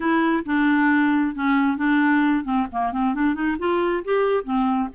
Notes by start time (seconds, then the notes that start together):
0.00 E4
0.45 D4
1.35 C#4
1.77 D4
2.44 C4
2.72 A#3
2.92 C4
3.14 D4
3.34 D#4
3.58 F4
4.04 G4
4.44 C4